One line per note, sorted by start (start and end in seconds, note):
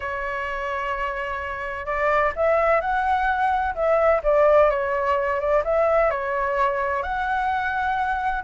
0.00 1.86 C#5
1.86 2.32 D5
2.36 2.80 E5
2.80 3.74 F#5
3.75 4.21 E5
4.23 4.70 D5
4.70 5.39 C#5
5.39 5.63 D5
5.64 6.10 E5
6.10 7.02 C#5
7.02 8.43 F#5